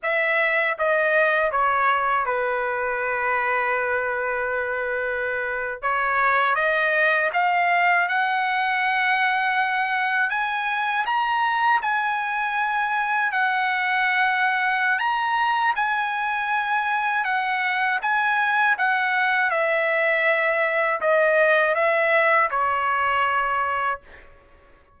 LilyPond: \new Staff \with { instrumentName = "trumpet" } { \time 4/4 \tempo 4 = 80 e''4 dis''4 cis''4 b'4~ | b'2.~ b'8. cis''16~ | cis''8. dis''4 f''4 fis''4~ fis''16~ | fis''4.~ fis''16 gis''4 ais''4 gis''16~ |
gis''4.~ gis''16 fis''2~ fis''16 | ais''4 gis''2 fis''4 | gis''4 fis''4 e''2 | dis''4 e''4 cis''2 | }